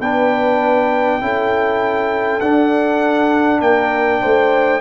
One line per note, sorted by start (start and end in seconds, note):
0.00 1.20 B3
0.00 1.21 D4
0.00 1.21 B4
0.00 2.40 G5
1.21 2.41 C#4
1.21 2.41 E4
1.21 3.62 A4
2.40 3.60 D4
2.40 4.80 D4
2.40 3.60 F#5
3.60 4.21 A#3
3.60 4.21 A#4
3.60 4.80 G5
4.21 4.80 A3
4.21 4.80 C5